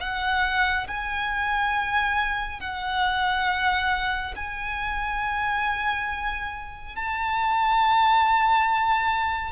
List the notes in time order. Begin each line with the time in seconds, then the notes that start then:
0.00 F#5
0.87 G#5
2.60 F#5
4.36 G#5
6.96 A5